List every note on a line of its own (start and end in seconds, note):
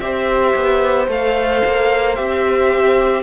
0.00 0.54 C4
0.00 1.09 G4
0.00 3.23 C5
0.00 1.07 E5
0.55 1.08 B3
1.08 1.62 A3
1.08 2.17 A4
1.08 2.16 F5
1.65 2.18 A#3
2.16 3.23 C4
2.16 3.23 G4
2.16 3.23 E5